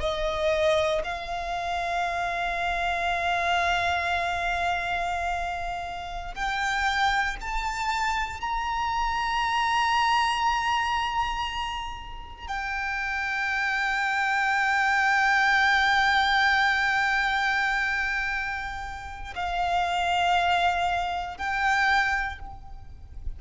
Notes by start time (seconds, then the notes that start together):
0.00 D#5
1.04 F5
6.35 G5
7.41 A5
8.41 A#5
12.48 G5
19.36 F5
21.38 G5